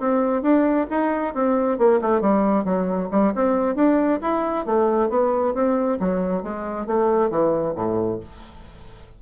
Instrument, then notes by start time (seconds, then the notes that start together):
bassoon
0.00 C4
0.43 D4
0.91 D#4
1.35 C4
1.79 A#3
2.02 A3
2.21 G3
2.65 F#3
3.11 G3
3.36 C4
3.76 D4
4.22 E4
4.66 A3
5.10 B3
5.55 C4
6.00 F#3
6.43 G#3
6.87 A3
7.31 E3
7.76 A2